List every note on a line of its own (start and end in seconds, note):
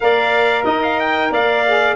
0.00 0.66 A#3
0.00 1.65 A#4
0.00 0.63 D5
0.00 0.65 F5
0.63 0.81 D#4
0.63 1.30 D#4
0.63 1.29 D#5
0.83 0.99 F5
0.99 1.32 G5
1.30 1.95 A#3
1.30 1.95 D5
1.30 1.95 F5
1.66 1.95 G#4